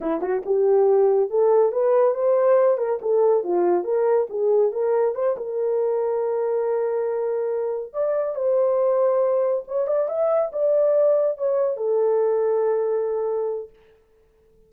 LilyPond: \new Staff \with { instrumentName = "horn" } { \time 4/4 \tempo 4 = 140 e'8 fis'8 g'2 a'4 | b'4 c''4. ais'8 a'4 | f'4 ais'4 gis'4 ais'4 | c''8 ais'2.~ ais'8~ |
ais'2~ ais'8 d''4 c''8~ | c''2~ c''8 cis''8 d''8 e''8~ | e''8 d''2 cis''4 a'8~ | a'1 | }